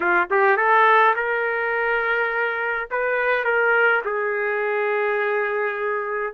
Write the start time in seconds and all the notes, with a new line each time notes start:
0.00 F4
0.30 G4
0.56 A4
1.15 A#4
2.91 B4
3.44 A#4
4.04 G#4